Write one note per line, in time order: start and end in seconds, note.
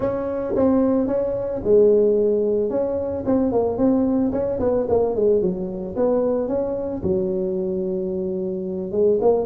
0.00 0.54 C#4
0.55 1.07 C4
1.07 1.61 C#4
1.64 2.70 G#3
2.70 3.24 C#4
3.26 3.52 C4
3.52 3.77 A#3
3.77 4.31 C4
4.32 4.59 C#4
4.59 4.86 B3
4.89 5.15 A#3
5.15 5.41 G#3
5.41 5.95 F#3
5.96 6.48 B3
6.48 7.02 C#4
7.03 8.91 F#3
8.91 9.18 G#3
9.21 9.46 A#3